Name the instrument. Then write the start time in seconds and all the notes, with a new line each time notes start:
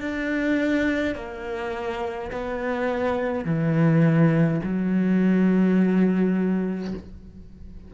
cello
0.00 D4
1.15 A#3
2.31 B3
3.45 E3
4.63 F#3